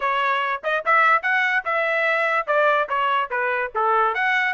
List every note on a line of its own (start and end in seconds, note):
0.00 0.62 C#5
0.63 0.84 D#5
0.85 1.22 E5
1.22 1.63 F#5
1.64 2.46 E5
2.46 2.88 D5
2.88 3.30 C#5
3.30 3.71 B4
3.74 4.14 A4
4.14 4.53 F#5